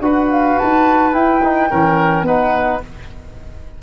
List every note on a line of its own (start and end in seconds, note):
0.00 0.56 D4
0.00 1.12 F#4
0.00 1.70 B4
0.00 0.29 F#5
0.30 0.58 F5
0.58 1.13 D#4
0.58 1.13 A5
1.12 1.41 E4
1.12 1.69 E4
1.12 2.24 G5
1.43 1.70 D#4
1.70 2.22 E3
1.70 2.26 C#4
1.70 2.26 A#4
2.22 2.78 B3
2.22 2.82 D#4
2.22 2.82 B4
2.22 2.80 F#5